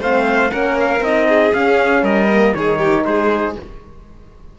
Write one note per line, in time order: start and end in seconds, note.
0.00 0.51 A3
0.00 0.50 C4
0.00 0.51 C5
0.00 0.51 F5
0.50 1.01 A#3
0.50 1.01 C#4
0.50 1.27 A#4
0.50 0.77 F#5
0.80 1.04 F5
1.01 1.51 C4
1.01 1.53 D#4
1.01 1.54 D#5
1.28 2.03 G#4
1.53 2.29 C#4
1.53 2.03 C#4
1.53 2.04 F5
2.03 2.53 G3
2.03 2.54 A#4
2.03 2.54 D#5
2.30 2.55 A#3
2.54 3.05 D#3
2.54 3.57 D#4
2.54 2.79 G#4
2.54 3.05 C#5
2.79 3.04 G4
3.05 3.56 G#3
3.05 3.59 G#4
3.05 3.56 C5